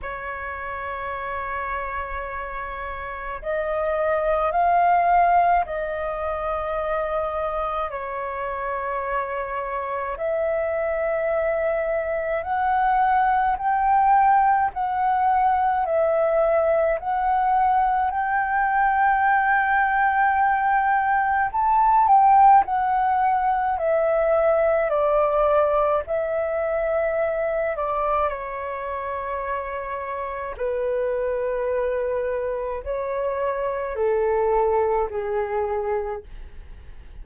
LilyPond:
\new Staff \with { instrumentName = "flute" } { \time 4/4 \tempo 4 = 53 cis''2. dis''4 | f''4 dis''2 cis''4~ | cis''4 e''2 fis''4 | g''4 fis''4 e''4 fis''4 |
g''2. a''8 g''8 | fis''4 e''4 d''4 e''4~ | e''8 d''8 cis''2 b'4~ | b'4 cis''4 a'4 gis'4 | }